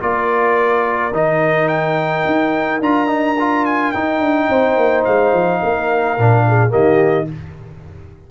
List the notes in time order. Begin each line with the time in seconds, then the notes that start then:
0.00 A#3 F4 A#4 D5
1.12 D#3 D#4 D#5
1.68 G5
2.27 D#4
2.80 D4 F4 A#5
3.07 D#4
3.40 F4
3.66 G#5
3.92 D#4 G5
4.20 D4
4.49 C4 C5
4.77 A#3
5.05 G#3 F5
5.33 F3
5.62 A#3 A#4
6.18 A#2 D4
6.48 G#4
6.69 D#3 A#3 G4 D#5